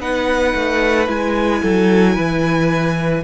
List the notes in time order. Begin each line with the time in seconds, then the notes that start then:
0.00 B3 D#4 B4 F#5
0.55 A3
1.07 G#3 E4 G#5
1.62 F#3 A4
2.13 E3 B4